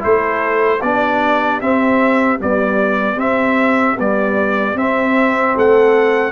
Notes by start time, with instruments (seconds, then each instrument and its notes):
0.00 tuba A3, trombone E4, horn A4, trumpet C5
0.82 tuba B3, trombone D4, horn G4, trumpet D5
1.61 tuba C4, trombone C4, trumpet E5
2.40 trombone G3, tuba B3, trumpet D5
3.17 trombone C4, tuba C4, trumpet E5
3.98 trombone G3, tuba B3, trumpet D5
4.76 tuba C4, trombone C4, trumpet E5
5.55 tuba A3, horn A4, trumpet F#5